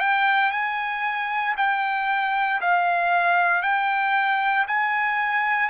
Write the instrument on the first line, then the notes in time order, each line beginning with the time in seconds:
trumpet
0.00 G5
0.52 G#5
1.58 G5
2.61 F5
3.63 G5
4.68 G#5